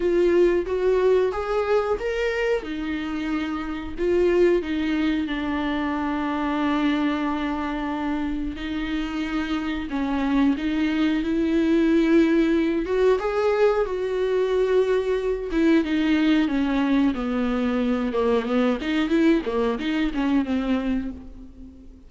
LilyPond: \new Staff \with { instrumentName = "viola" } { \time 4/4 \tempo 4 = 91 f'4 fis'4 gis'4 ais'4 | dis'2 f'4 dis'4 | d'1~ | d'4 dis'2 cis'4 |
dis'4 e'2~ e'8 fis'8 | gis'4 fis'2~ fis'8 e'8 | dis'4 cis'4 b4. ais8 | b8 dis'8 e'8 ais8 dis'8 cis'8 c'4 | }